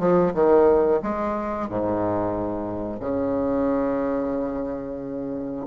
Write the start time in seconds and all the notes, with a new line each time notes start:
0.00 F3
0.35 D#3
1.03 G#3
1.69 G#2
3.01 C#3